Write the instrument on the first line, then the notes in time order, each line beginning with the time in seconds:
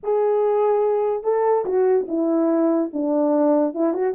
horn
0.03 G#4
1.23 A4
1.65 F#4
2.07 E4
2.93 D4
3.74 E4
3.93 F#4